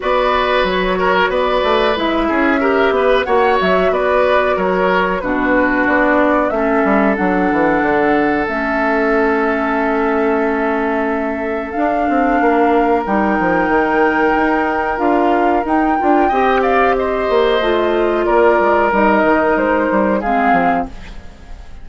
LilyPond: <<
  \new Staff \with { instrumentName = "flute" } { \time 4/4 \tempo 4 = 92 d''4 cis''4 d''4 e''4~ | e''4 fis''8 e''8 d''4 cis''4 | b'4 d''4 e''4 fis''4~ | fis''4 e''2.~ |
e''2 f''2 | g''2. f''4 | g''4. f''8 dis''2 | d''4 dis''4 c''4 f''4 | }
  \new Staff \with { instrumentName = "oboe" } { \time 4/4 b'4. ais'8 b'4. gis'8 | ais'8 b'8 cis''4 b'4 ais'4 | fis'2 a'2~ | a'1~ |
a'2. ais'4~ | ais'1~ | ais'4 dis''8 d''8 c''2 | ais'2. gis'4 | }
  \new Staff \with { instrumentName = "clarinet" } { \time 4/4 fis'2. e'4 | g'4 fis'2. | d'2 cis'4 d'4~ | d'4 cis'2.~ |
cis'2 d'2 | dis'2. f'4 | dis'8 f'8 g'2 f'4~ | f'4 dis'2 c'4 | }
  \new Staff \with { instrumentName = "bassoon" } { \time 4/4 b4 fis4 b8 a8 gis8 cis'8~ | cis'8 b8 ais8 fis8 b4 fis4 | b,4 b4 a8 g8 fis8 e8 | d4 a2.~ |
a2 d'8 c'8 ais4 | g8 f8 dis4 dis'4 d'4 | dis'8 d'8 c'4. ais8 a4 | ais8 gis8 g8 dis8 gis8 g8 gis8 f8 | }
>>